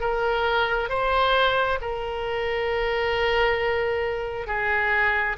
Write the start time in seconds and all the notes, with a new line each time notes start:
0.00 A#4
0.89 C5
1.81 A#4
4.46 G#4